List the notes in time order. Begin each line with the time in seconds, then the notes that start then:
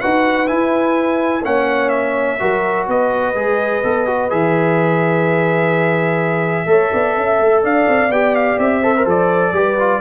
0.00 D#4 F#4 B4 F#5
0.46 E4 G#5
1.44 A#3 C#4 C#5 F#5
1.89 E5
2.39 F#3 F#4 A#4
2.87 B3 B4 D#5
3.34 G#3 G#4
3.83 B3 A4
4.06 F#4
4.29 E3 G#4 E5
6.65 A3 A4 C#5
6.92 B3 D5
7.16 C#4 E5
7.40 A3
7.63 D4 D5 F5
7.87 C4
8.09 B3 G4 G5
8.35 F5
8.58 C4 E5
8.80 A4 C5
8.96 A#4
9.05 F3 A4 D5
9.52 G3 G4 B4
9.79 F4